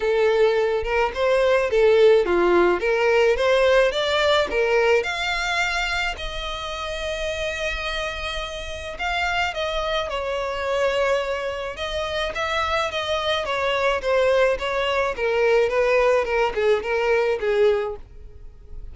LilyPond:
\new Staff \with { instrumentName = "violin" } { \time 4/4 \tempo 4 = 107 a'4. ais'8 c''4 a'4 | f'4 ais'4 c''4 d''4 | ais'4 f''2 dis''4~ | dis''1 |
f''4 dis''4 cis''2~ | cis''4 dis''4 e''4 dis''4 | cis''4 c''4 cis''4 ais'4 | b'4 ais'8 gis'8 ais'4 gis'4 | }